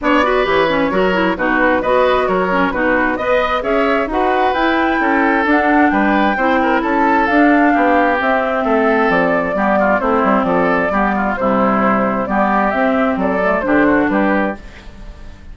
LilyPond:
<<
  \new Staff \with { instrumentName = "flute" } { \time 4/4 \tempo 4 = 132 d''4 cis''2 b'4 | dis''4 cis''4 b'4 dis''4 | e''4 fis''4 g''2 | fis''4 g''2 a''4 |
f''2 e''2 | d''2 c''4 d''4~ | d''4 c''2 d''4 | e''4 d''4 c''4 b'4 | }
  \new Staff \with { instrumentName = "oboe" } { \time 4/4 cis''8 b'4. ais'4 fis'4 | b'4 ais'4 fis'4 dis''4 | cis''4 b'2 a'4~ | a'4 b'4 c''8 ais'8 a'4~ |
a'4 g'2 a'4~ | a'4 g'8 f'8 e'4 a'4 | g'8 f'8 e'2 g'4~ | g'4 a'4 g'8 fis'8 g'4 | }
  \new Staff \with { instrumentName = "clarinet" } { \time 4/4 d'8 fis'8 g'8 cis'8 fis'8 e'8 dis'4 | fis'4. cis'8 dis'4 b'4 | gis'4 fis'4 e'2 | d'2 e'2 |
d'2 c'2~ | c'4 b4 c'2 | b4 g2 b4 | c'4. a8 d'2 | }
  \new Staff \with { instrumentName = "bassoon" } { \time 4/4 b4 e4 fis4 b,4 | b4 fis4 b,4 b4 | cis'4 dis'4 e'4 cis'4 | d'4 g4 c'4 cis'4 |
d'4 b4 c'4 a4 | f4 g4 a8 g8 f4 | g4 c2 g4 | c'4 fis4 d4 g4 | }
>>